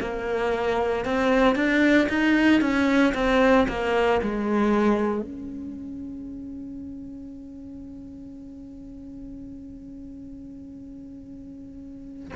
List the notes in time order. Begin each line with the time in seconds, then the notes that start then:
0.00 A#3
1.05 C4
1.55 D4
2.09 D#4
2.61 C#4
3.14 C4
3.68 A#3
4.22 G#3
5.22 C#4